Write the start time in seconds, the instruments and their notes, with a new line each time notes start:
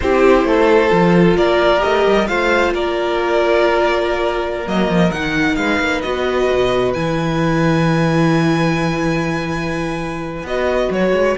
0.00 cello C4, viola E4, violin G4 C5
0.44 cello A3, violin A4
0.90 cello F3, viola F4
1.36 cello A#3, violin A#4 D5
1.78 viola G4, violin D#5
1.85 cello A3
2.06 cello G3
2.27 cello A3, viola F4, violin C5 F5
2.73 cello A#3, violin A#4 D5
4.65 cello F#3, viola A#3, violin D#5
4.88 cello F3
5.11 cello D#3, viola D#4, violin F#5
5.55 cello G#3, violin B4 F5
5.80 cello A#3
6.01 cello B3, viola F#4, violin D#5
6.51 cello B2
6.93 cello E3, viola E4, violin G#5
10.42 cello B3, viola F#4, violin D#5
10.90 cello F#3, violin C#5
11.12 cello G#3